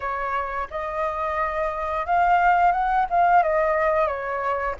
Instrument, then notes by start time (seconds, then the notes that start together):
flute
0.00 C#5
0.70 D#5
2.06 F5
2.71 F#5
3.10 F5
3.42 D#5
4.07 C#5